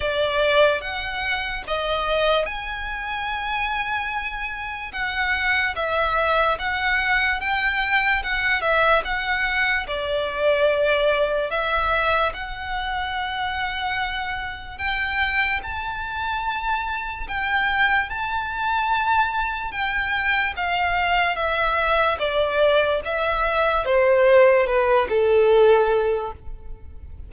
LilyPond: \new Staff \with { instrumentName = "violin" } { \time 4/4 \tempo 4 = 73 d''4 fis''4 dis''4 gis''4~ | gis''2 fis''4 e''4 | fis''4 g''4 fis''8 e''8 fis''4 | d''2 e''4 fis''4~ |
fis''2 g''4 a''4~ | a''4 g''4 a''2 | g''4 f''4 e''4 d''4 | e''4 c''4 b'8 a'4. | }